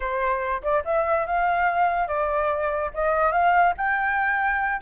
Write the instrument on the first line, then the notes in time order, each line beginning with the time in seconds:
flute
0.00 C5
0.62 D5
0.84 E5
1.26 F5
2.07 D5
2.94 D#5
3.32 F5
3.77 G5